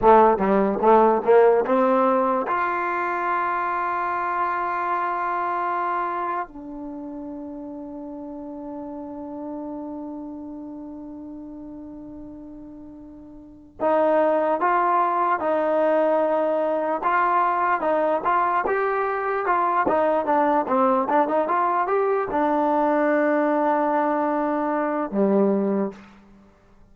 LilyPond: \new Staff \with { instrumentName = "trombone" } { \time 4/4 \tempo 4 = 74 a8 g8 a8 ais8 c'4 f'4~ | f'1 | d'1~ | d'1~ |
d'4 dis'4 f'4 dis'4~ | dis'4 f'4 dis'8 f'8 g'4 | f'8 dis'8 d'8 c'8 d'16 dis'16 f'8 g'8 d'8~ | d'2. g4 | }